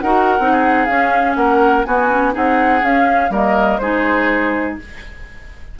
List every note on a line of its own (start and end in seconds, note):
0.00 0.39 D#4
0.00 0.39 F#4
0.00 0.51 A#4
0.00 0.85 F#5
0.39 0.88 C4
0.39 0.88 D#4
0.51 1.37 G#4
0.85 1.36 C#4
0.85 1.86 C#4
0.85 1.33 F5
1.35 1.84 A#3
1.35 1.86 A#4
1.35 1.84 F#5
1.84 2.35 B3
1.84 2.09 B3
1.84 2.33 F#4
1.84 2.33 G#5
2.09 2.32 C#4
2.32 2.82 C4
2.32 2.80 D#4
2.32 3.31 G#4
2.32 2.84 F#5
2.82 3.30 C#4
2.82 3.31 C#4
2.82 3.33 F5
3.30 3.79 G3
3.30 3.79 A#3
3.30 3.80 A#4
3.30 3.78 D#5
3.78 4.77 G#3
3.78 4.79 D#4
3.78 4.79 G#4
3.78 4.76 C5